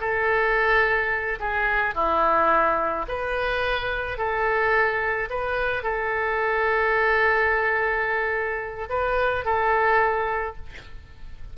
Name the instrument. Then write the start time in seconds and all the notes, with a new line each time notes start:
oboe
0.00 A4
1.40 G#4
1.94 E4
3.08 B4
4.18 A4
5.30 B4
5.83 A4
8.89 B4
9.45 A4